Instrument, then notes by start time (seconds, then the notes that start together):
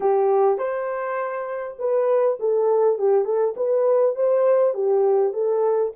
horn
0.00 G4
0.58 C5
1.78 B4
2.39 A4
2.98 G4
3.24 A4
3.56 B4
4.15 C5
4.74 G4
5.33 A4